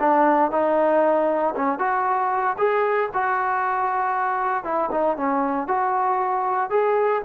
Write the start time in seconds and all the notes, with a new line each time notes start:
0.00 D4
0.51 D#4
1.56 C#4
1.79 F#4
2.58 G#4
3.14 F#4
4.64 E4
4.91 D#4
5.17 C#4
5.68 F#4
6.71 G#4